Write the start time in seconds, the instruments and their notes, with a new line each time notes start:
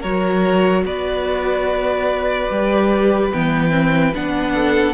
0.00 cello F#3, viola F#4, violin A#4 C#5
0.84 cello B3, violin B4 D5
2.50 cello G3, viola G4
3.32 cello E3, viola B3, violin G5
3.70 viola C4
4.14 cello B3, viola D4, violin F#5
4.53 violin A4